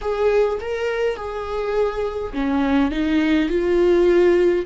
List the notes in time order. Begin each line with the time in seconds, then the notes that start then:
0.01 G#4
0.60 A#4
1.16 G#4
2.33 C#4
2.91 D#4
3.49 F4